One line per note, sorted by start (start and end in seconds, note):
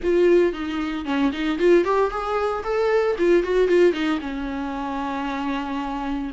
0.02 0.52 F4
0.52 1.05 D#4
1.05 1.31 C#4
1.32 1.58 D#4
1.58 1.84 F4
1.84 2.10 G4
2.10 2.63 G#4
2.63 3.16 A4
3.18 3.43 F4
3.43 3.67 F#4
3.67 3.92 F4
3.92 4.19 D#4
4.20 6.31 C#4